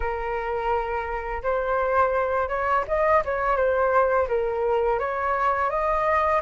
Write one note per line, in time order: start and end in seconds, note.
0.00 1.42 A#4
1.43 2.48 C5
2.48 2.84 C#5
2.87 3.23 D#5
3.24 3.56 C#5
3.56 4.27 C5
4.28 4.99 A#4
4.99 5.69 C#5
5.69 6.41 D#5